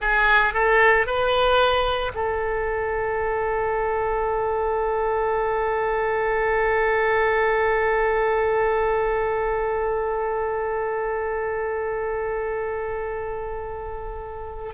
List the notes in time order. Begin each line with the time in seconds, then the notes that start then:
0.01 G#4
0.53 A4
1.06 B4
2.14 A4